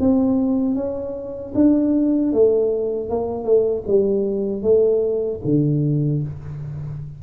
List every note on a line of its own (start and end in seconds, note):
0.00 0.75 C4
0.75 1.53 C#4
1.55 2.33 D4
2.33 3.09 A3
3.09 3.44 A#3
3.44 3.83 A3
3.87 4.62 G3
4.62 5.40 A3
5.45 6.23 D3